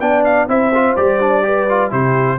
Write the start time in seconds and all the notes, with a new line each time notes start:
0.00 B3 D4 D5 G5
0.24 F5
0.48 C4 E4 C5 E5
0.74 F4
0.96 G3 G4 D5
1.21 D4
1.43 G4 B4
1.69 F4
1.90 C3 E4 G4 C5